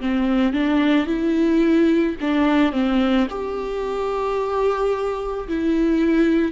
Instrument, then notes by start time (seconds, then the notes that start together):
viola
0.00 C4
0.53 D4
1.06 E4
2.21 D4
2.72 C4
3.29 G4
5.48 E4